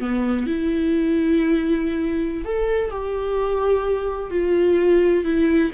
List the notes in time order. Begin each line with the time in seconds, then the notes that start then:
0.00 B3
0.47 E4
2.45 A4
2.91 G4
4.31 F4
5.25 E4